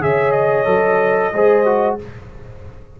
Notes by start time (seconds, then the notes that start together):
0.00 C#3 G#4 C#5 E5
0.31 D#5
0.65 F#3 A4
1.32 G#3 G#4 C5
1.65 F#4